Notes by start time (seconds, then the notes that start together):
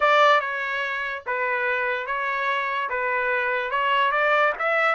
0.00 D5
0.40 C#5
1.26 B4
2.06 C#5
2.89 B4
3.70 C#5
4.11 D5
4.58 E5